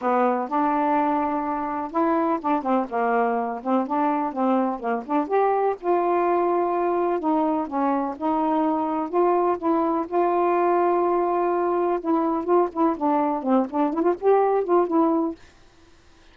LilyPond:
\new Staff \with { instrumentName = "saxophone" } { \time 4/4 \tempo 4 = 125 b4 d'2. | e'4 d'8 c'8 ais4. c'8 | d'4 c'4 ais8 d'8 g'4 | f'2. dis'4 |
cis'4 dis'2 f'4 | e'4 f'2.~ | f'4 e'4 f'8 e'8 d'4 | c'8 d'8 e'16 f'16 g'4 f'8 e'4 | }